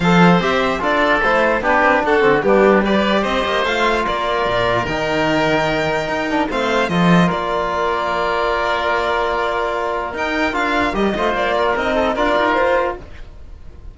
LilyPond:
<<
  \new Staff \with { instrumentName = "violin" } { \time 4/4 \tempo 4 = 148 f''4 e''4 d''4 c''4 | b'4 a'4 g'4 d''4 | dis''4 f''4 d''2 | g''1 |
f''4 dis''4 d''2~ | d''1~ | d''4 g''4 f''4 dis''4 | d''4 dis''4 d''4 c''4 | }
  \new Staff \with { instrumentName = "oboe" } { \time 4/4 c''2 a'2 | g'4 fis'4 d'4 b'4 | c''2 ais'2~ | ais'1 |
c''4 a'4 ais'2~ | ais'1~ | ais'2.~ ais'8 c''8~ | c''8 ais'4 a'8 ais'2 | }
  \new Staff \with { instrumentName = "trombone" } { \time 4/4 a'4 g'4 f'4 e'4 | d'4. c'8 b4 g'4~ | g'4 f'2. | dis'2.~ dis'8 d'8 |
c'4 f'2.~ | f'1~ | f'4 dis'4 f'4 g'8 f'8~ | f'4 dis'4 f'2 | }
  \new Staff \with { instrumentName = "cello" } { \time 4/4 f4 c'4 d'4 a4 | b8 c'8 d'8 d8 g2 | c'8 ais8 a4 ais4 ais,4 | dis2. dis'4 |
a4 f4 ais2~ | ais1~ | ais4 dis'4 d'4 g8 a8 | ais4 c'4 d'8 dis'8 f'4 | }
>>